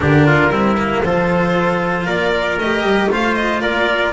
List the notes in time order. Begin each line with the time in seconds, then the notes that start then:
0.00 D3 D4 G4 A#4
0.27 F4
0.49 G3 C4 E4
0.77 A#3
1.03 F3 F4 A4 C5
2.05 A#3 A#4 D5
2.57 A3 G4 D#5
2.82 G3
3.10 A3 F4 C5 F5
3.34 D#5
3.61 A#3 A#4 D5